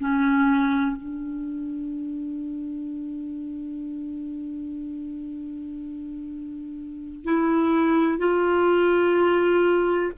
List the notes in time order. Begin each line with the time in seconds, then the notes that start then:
0.00 C#4
0.97 D4
7.24 E4
8.19 F4